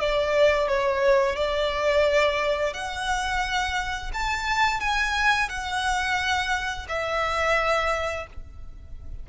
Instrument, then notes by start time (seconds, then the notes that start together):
violin
0.00 D5
0.68 C#5
1.36 D5
2.74 F#5
4.14 A5
4.80 G#5
5.49 F#5
6.89 E5